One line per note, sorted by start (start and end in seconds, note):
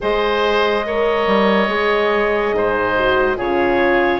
0.00 1.26 G#3
0.00 0.85 G#4
0.00 0.85 C5
0.00 3.38 D#5
0.85 1.68 A#4
0.85 2.55 C#5
1.26 1.68 G3
1.68 2.52 G#3
1.68 2.95 G#4
2.52 3.37 G#2
2.52 3.37 C5
2.95 3.36 F#4
3.36 4.20 C#3
3.36 4.20 F4
3.36 4.20 G#4
3.36 4.20 C#5